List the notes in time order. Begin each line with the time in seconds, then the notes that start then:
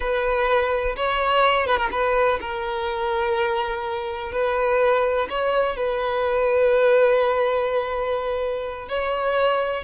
0.00 B4
0.96 C#5
1.66 B4
1.77 A#4
1.91 B4
2.40 A#4
4.32 B4
5.29 C#5
5.76 B4
8.88 C#5